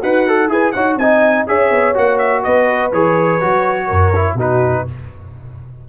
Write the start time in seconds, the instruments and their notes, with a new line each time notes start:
0.00 tuba D#4, horn F#4, trombone B4, trumpet F#5
0.28 trombone A4
0.48 tuba E4, trombone G#4, horn B4, trumpet G#5
0.72 tuba D#4, trombone F#4, horn C#5, trumpet F#5
0.96 tuba C4, trombone D#4, horn D#5, trumpet G#5
1.47 tuba C#4, trombone G#4, horn C#5, trumpet E5
1.70 tuba B3
1.94 tuba A#3, trombone F#4, trumpet F#5
2.18 trumpet E5
2.44 tuba B3, horn B4, trumpet D#5
2.92 tuba E3, trombone G#4, trumpet C#5
3.41 tuba F#3, trombone F#4
3.87 tuba F#2, horn A#4
4.15 trombone E4
4.35 tuba B2, trombone D#4, horn F#4, trumpet B4